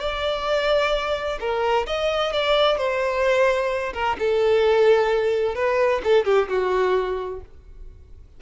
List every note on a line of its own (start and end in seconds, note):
0.00 1.38 D5
1.40 1.86 A#4
1.86 2.32 D#5
2.32 2.77 D5
2.77 3.93 C5
3.93 4.16 A#4
4.19 5.55 A4
5.55 6.01 B4
6.04 6.25 A4
6.25 6.48 G4
6.48 7.40 F#4